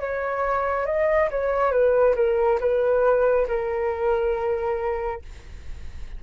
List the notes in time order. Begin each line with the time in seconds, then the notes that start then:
0.00 C#5
0.86 D#5
1.31 C#5
1.72 B4
2.16 A#4
2.60 B4
3.48 A#4